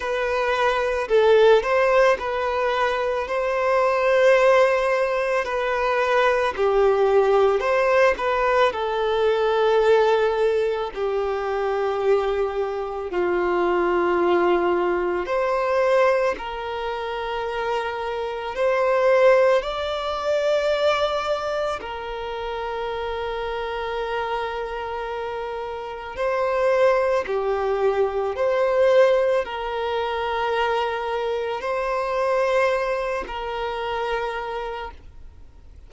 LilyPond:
\new Staff \with { instrumentName = "violin" } { \time 4/4 \tempo 4 = 55 b'4 a'8 c''8 b'4 c''4~ | c''4 b'4 g'4 c''8 b'8 | a'2 g'2 | f'2 c''4 ais'4~ |
ais'4 c''4 d''2 | ais'1 | c''4 g'4 c''4 ais'4~ | ais'4 c''4. ais'4. | }